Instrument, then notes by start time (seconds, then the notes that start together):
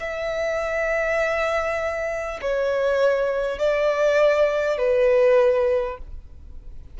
violin
0.00 E5
2.42 C#5
3.59 D5
4.78 B4